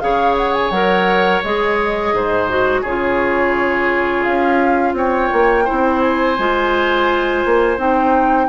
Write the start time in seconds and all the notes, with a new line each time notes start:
0.00 C#3 G#4 C#5 F5
0.37 F#5
0.54 G#5
0.71 F#3 A#4 F#5
1.43 G#3 G#4 D#5
2.13 G#2 C5
2.49 F#4
2.81 C#3 F4 G#4 C#5
4.23 C#4 F5
4.93 C4 C#5 G5
5.33 A#3
5.65 E4 C5
5.72 C4
6.02 G#5
6.39 G#3 F4
7.45 A#3
7.77 C4 D#4 G5